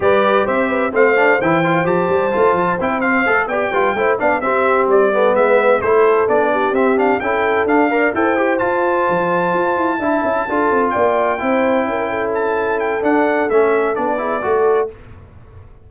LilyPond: <<
  \new Staff \with { instrumentName = "trumpet" } { \time 4/4 \tempo 4 = 129 d''4 e''4 f''4 g''4 | a''2 g''8 f''4 g''8~ | g''4 f''8 e''4 d''4 e''8~ | e''8 c''4 d''4 e''8 f''8 g''8~ |
g''8 f''4 g''4 a''4.~ | a''2.~ a''8 g''8~ | g''2~ g''8 a''4 g''8 | fis''4 e''4 d''2 | }
  \new Staff \with { instrumentName = "horn" } { \time 4/4 b'4 c''8 b'8 c''2~ | c''2.~ c''8 d''8 | b'8 c''8 d''8 g'4. a'8 b'8~ | b'8 a'4. g'4. a'8~ |
a'4 d''8 c''2~ c''8~ | c''4. e''4 a'4 d''8~ | d''8 c''4 ais'8 a'2~ | a'2~ a'8 gis'8 a'4 | }
  \new Staff \with { instrumentName = "trombone" } { \time 4/4 g'2 c'8 d'8 e'8 f'8 | g'4 f'4 e'8 c'8 a'8 g'8 | f'8 e'8 d'8 c'4. b4~ | b8 e'4 d'4 c'8 d'8 e'8~ |
e'8 d'8 ais'8 a'8 g'8 f'4.~ | f'4. e'4 f'4.~ | f'8 e'2.~ e'8 | d'4 cis'4 d'8 e'8 fis'4 | }
  \new Staff \with { instrumentName = "tuba" } { \time 4/4 g4 c'4 a4 e4 | f8 g8 a8 f8 c'4 a8 b8 | g8 a8 b8 c'4 g4 gis8~ | gis8 a4 b4 c'4 cis'8~ |
cis'8 d'4 e'4 f'4 f8~ | f8 f'8 e'8 d'8 cis'8 d'8 c'8 ais8~ | ais8 c'4 cis'2~ cis'8 | d'4 a4 b4 a4 | }
>>